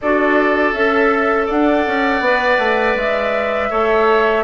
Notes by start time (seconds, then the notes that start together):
0.01 D4 F#4 A4 D5
0.73 C#4 A4 E5
1.46 D4 D5 F#5
1.86 C#4
2.20 B3 B4
2.58 A3
2.95 G#3 E5
3.70 A3 A4 C#5